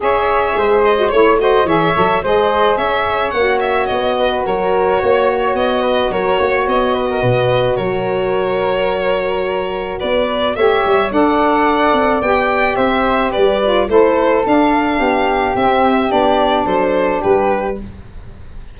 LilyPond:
<<
  \new Staff \with { instrumentName = "violin" } { \time 4/4 \tempo 4 = 108 e''4. dis''8 cis''8 dis''8 e''4 | dis''4 e''4 fis''8 e''8 dis''4 | cis''2 dis''4 cis''4 | dis''2 cis''2~ |
cis''2 d''4 e''4 | fis''2 g''4 e''4 | d''4 c''4 f''2 | e''4 d''4 c''4 b'4 | }
  \new Staff \with { instrumentName = "flute" } { \time 4/4 cis''4 c''4 cis''8 c''8 cis''4 | c''4 cis''2~ cis''8 b'8 | ais'4 cis''4. b'8 ais'8 cis''8~ | cis''8 b'16 ais'16 b'4 ais'2~ |
ais'2 b'4 cis''4 | d''2. c''4 | b'4 a'2 g'4~ | g'2 a'4 g'4 | }
  \new Staff \with { instrumentName = "saxophone" } { \time 4/4 gis'4.~ gis'16 fis'16 e'8 fis'8 gis'8 a'8 | gis'2 fis'2~ | fis'1~ | fis'1~ |
fis'2. g'4 | a'2 g'2~ | g'8 f'8 e'4 d'2 | c'4 d'2. | }
  \new Staff \with { instrumentName = "tuba" } { \time 4/4 cis'4 gis4 a4 e8 fis8 | gis4 cis'4 ais4 b4 | fis4 ais4 b4 fis8 ais8 | b4 b,4 fis2~ |
fis2 b4 a8 g8 | d'4. c'8 b4 c'4 | g4 a4 d'4 b4 | c'4 b4 fis4 g4 | }
>>